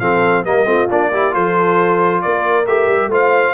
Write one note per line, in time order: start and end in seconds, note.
0.00 0.45 F3
0.00 0.46 C4
0.00 0.45 A4
0.00 0.44 F5
0.45 0.65 G3
0.45 0.66 A#3
0.45 0.67 A#4
0.45 0.90 D#5
0.65 0.87 A3
0.65 0.88 C4
0.65 1.11 F4
0.91 1.35 A#3
0.91 1.13 D4
0.91 1.34 D5
1.12 1.31 E4
1.12 1.34 G4
1.31 2.24 F3
1.31 2.65 F4
1.31 2.23 A4
1.31 2.22 C5
2.22 2.66 A#3
2.22 3.11 A#4
2.22 2.66 D5
2.66 2.88 A3
2.66 3.11 G4
2.66 3.11 E5
2.88 3.07 G3
3.07 3.52 A3
3.07 3.54 F4
3.07 3.54 C5
3.14 3.54 F5